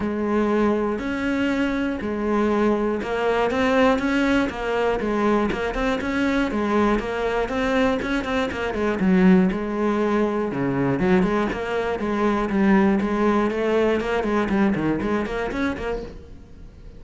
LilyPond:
\new Staff \with { instrumentName = "cello" } { \time 4/4 \tempo 4 = 120 gis2 cis'2 | gis2 ais4 c'4 | cis'4 ais4 gis4 ais8 c'8 | cis'4 gis4 ais4 c'4 |
cis'8 c'8 ais8 gis8 fis4 gis4~ | gis4 cis4 fis8 gis8 ais4 | gis4 g4 gis4 a4 | ais8 gis8 g8 dis8 gis8 ais8 cis'8 ais8 | }